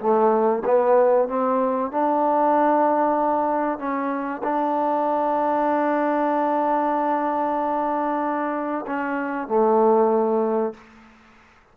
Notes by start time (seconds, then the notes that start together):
0.00 A3
0.65 B3
1.29 C4
1.91 D4
3.79 C#4
4.43 D4
8.87 C#4
9.48 A3